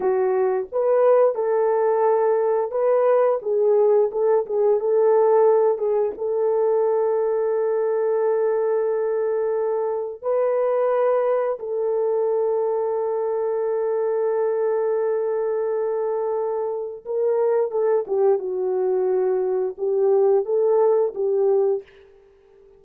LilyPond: \new Staff \with { instrumentName = "horn" } { \time 4/4 \tempo 4 = 88 fis'4 b'4 a'2 | b'4 gis'4 a'8 gis'8 a'4~ | a'8 gis'8 a'2.~ | a'2. b'4~ |
b'4 a'2.~ | a'1~ | a'4 ais'4 a'8 g'8 fis'4~ | fis'4 g'4 a'4 g'4 | }